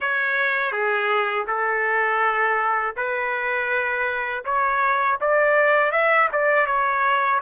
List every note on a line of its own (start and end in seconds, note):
0.00 0.72 C#5
0.72 1.46 G#4
1.47 2.95 A4
2.96 4.44 B4
4.44 5.19 C#5
5.21 5.91 D5
5.91 6.28 E5
6.32 6.66 D5
6.66 7.40 C#5